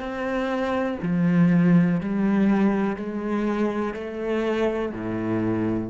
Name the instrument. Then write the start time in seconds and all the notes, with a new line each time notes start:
cello
0.00 C4
1.03 F3
2.01 G3
2.96 G#3
3.94 A3
4.93 A2